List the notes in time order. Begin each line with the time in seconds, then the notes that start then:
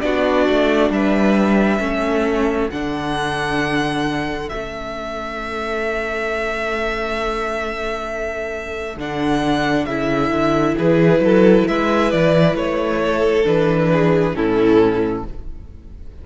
0.00 B3 D4 F#4 D5
0.49 A3
0.89 G3 B4 E5
1.79 A3 C#4 A4
2.70 D3 D4 F#5
4.49 A3 C#4 E5
8.96 D3 D4 F#5
9.85 C#3 E4 E5
10.30 D3
10.76 E3 G#4 B4
11.19 F#3 A4
11.67 G#3 B4 E5
12.11 E3 D5
12.54 A3 C#5
13.00 A4
13.43 E3 D4 B4
13.92 G#4
14.33 A2 C#4 E4 A4